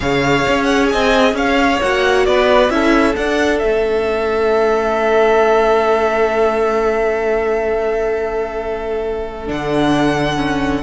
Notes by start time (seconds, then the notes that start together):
0.00 C#3 G#4 C#5 F5
0.48 C#4
0.63 F#5
0.88 C4 D#5 G#5
1.33 C#4 C#5 F5
1.81 A#3 F#4 F#5
2.25 B3 B4 D5
2.69 C#4 E4 A4 E5
3.15 D4 F#5
3.58 A3 C#4 E5
9.46 D3 D4 F#5
10.36 C#4